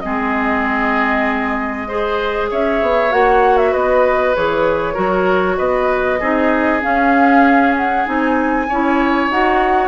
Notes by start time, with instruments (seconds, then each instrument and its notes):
0.00 bassoon G#3, clarinet C4, oboe G#4, flute D#5
1.88 clarinet G#4, oboe C5
2.51 bassoon C#4, oboe C#5, flute E5
2.82 bassoon B3
3.11 bassoon A#3, clarinet F#4, flute F#5
3.58 flute E5
3.72 bassoon B3, oboe B4, flute D#5
4.36 bassoon E3, clarinet G#4, flute C#5
4.94 bassoon F#3, clarinet F#4, oboe A#4
5.58 bassoon B3, oboe B4, flute D#5
6.20 bassoon C4, clarinet D#4, oboe G#4
6.81 clarinet C#4, bassoon C#4, flute F5
7.77 flute F#5
8.05 bassoon C4, clarinet D#4, flute G#5
8.69 bassoon C#4, clarinet E4, oboe C#5
9.30 bassoon D#4, clarinet F#4, flute F#5